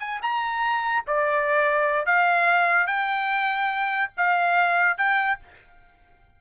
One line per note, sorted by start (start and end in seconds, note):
0.00 0.21 G#5
0.22 1.05 A#5
1.07 2.06 D5
2.06 2.87 F5
2.87 4.11 G5
4.17 4.98 F5
4.98 5.39 G5